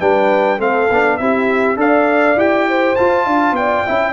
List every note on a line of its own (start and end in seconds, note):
0.00 0.59 G3
0.00 0.59 D4
0.00 0.58 B4
0.00 0.60 G5
0.58 0.89 A3
0.58 0.88 C4
0.58 1.17 A4
0.58 1.17 F5
0.90 1.20 B3
0.90 1.20 D4
1.17 1.76 C4
1.17 1.76 E4
1.17 1.79 G4
1.17 1.77 E5
1.76 2.36 D4
1.76 2.36 A4
1.76 2.69 D5
1.76 2.39 F5
2.36 2.95 E4
2.36 2.96 G4
2.36 2.96 G5
2.69 3.25 C5
2.96 3.87 F4
2.96 3.27 F4
2.96 3.55 A5
3.25 3.52 D4
3.25 3.55 F5
3.52 3.82 B3
3.52 3.86 D5
3.52 4.12 G5
3.86 4.12 C#4
3.86 4.12 E4
3.86 4.12 E5